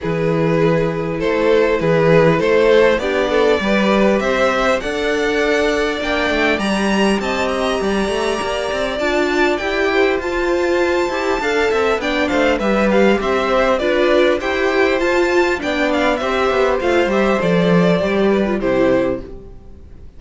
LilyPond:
<<
  \new Staff \with { instrumentName = "violin" } { \time 4/4 \tempo 4 = 100 b'2 c''4 b'4 | c''4 d''2 e''4 | fis''2 g''4 ais''4 | a''8 ais''2~ ais''8 a''4 |
g''4 a''2. | g''8 f''8 e''8 f''8 e''4 d''4 | g''4 a''4 g''8 f''8 e''4 | f''8 e''8 d''2 c''4 | }
  \new Staff \with { instrumentName = "violin" } { \time 4/4 gis'2 a'4 gis'4 | a'4 g'8 a'8 b'4 c''4 | d''1 | dis''4 d''2.~ |
d''8 c''2~ c''8 f''8 e''8 | d''8 c''8 b'4 c''4 b'4 | c''2 d''4 c''4~ | c''2~ c''8 b'8 g'4 | }
  \new Staff \with { instrumentName = "viola" } { \time 4/4 e'1~ | e'4 d'4 g'2 | a'2 d'4 g'4~ | g'2. f'4 |
g'4 f'4. g'8 a'4 | d'4 g'2 f'4 | g'4 f'4 d'4 g'4 | f'8 g'8 a'4 g'8. f'16 e'4 | }
  \new Staff \with { instrumentName = "cello" } { \time 4/4 e2 a4 e4 | a4 b4 g4 c'4 | d'2 ais8 a8 g4 | c'4 g8 a8 ais8 c'8 d'4 |
e'4 f'4. e'8 d'8 c'8 | b8 a8 g4 c'4 d'4 | e'4 f'4 b4 c'8 b8 | a8 g8 f4 g4 c4 | }
>>